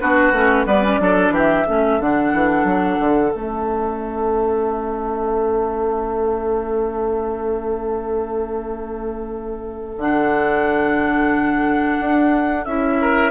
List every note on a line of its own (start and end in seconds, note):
0.00 0.32 B3
0.00 0.33 D4
0.00 0.67 F#4
0.00 0.67 B4
0.32 0.65 A3
0.32 0.66 C#4
0.66 0.99 G3
0.66 0.83 B3
0.66 1.00 B4
0.66 1.34 D5
0.83 0.99 C#4
0.99 1.30 F#3
0.99 1.66 D4
0.99 1.33 A4
1.30 1.63 E3
1.30 1.67 G4
1.30 2.02 E5
1.67 2.00 A3
1.67 2.01 C#4
1.67 13.00 A4
2.00 2.33 D3
2.00 3.31 D4
2.00 3.33 F#5
2.33 2.64 E3
2.64 2.97 F#3
3.00 3.33 D3
3.31 9.97 A3
3.31 9.97 C#4
3.31 10.00 E5
9.97 11.97 D3
9.97 12.67 D4
9.97 12.65 F#5
12.00 12.66 D4
12.65 13.31 C#4
12.65 13.31 E4
12.65 13.31 E5
13.01 13.31 A#4